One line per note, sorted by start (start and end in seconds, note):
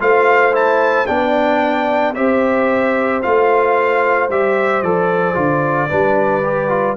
0.00 1.07 A3
0.00 0.52 F4
0.00 1.08 C5
0.00 0.54 F5
0.52 1.06 E4
0.52 1.07 A5
1.07 2.16 B3
1.07 2.15 D4
1.07 2.15 D5
1.07 2.14 G5
2.15 3.23 C4
2.15 3.22 G4
2.15 5.89 C5
2.15 3.22 E5
3.22 4.29 A3
3.22 4.30 F4
3.22 4.29 F5
4.29 4.82 G3
4.29 4.84 G4
4.29 4.82 E5
4.82 5.36 F3
4.82 5.35 A4
4.82 6.97 D5
5.35 5.90 D3
5.35 5.88 F4
5.89 6.97 G3
5.89 6.42 D4
5.89 6.96 B4
6.44 6.69 G4
6.69 6.96 F4